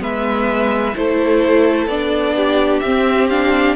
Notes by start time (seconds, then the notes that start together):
0.00 G#3 B3 B4 E5
0.96 A3 E4 A4 C5
1.87 B3 D4 D5
2.37 G4
2.80 C4 E5
3.30 D4 F5